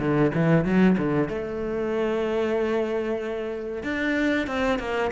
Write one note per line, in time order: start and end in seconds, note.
0.00 0.32 D3
0.35 0.65 E3
0.65 0.97 F#3
0.98 1.29 D3
1.29 3.84 A3
3.84 4.47 D4
4.47 4.79 C4
4.80 5.12 A#3